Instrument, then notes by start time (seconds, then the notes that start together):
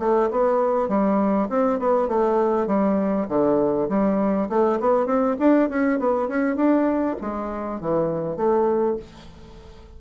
bassoon
0.00 A3
0.31 B3
0.89 G3
1.49 C4
1.80 B3
2.09 A3
2.67 G3
3.29 D3
3.89 G3
4.50 A3
4.81 B3
5.07 C4
5.39 D4
5.70 C#4
5.99 B3
6.28 C#4
6.56 D4
7.21 G#3
7.81 E3
8.37 A3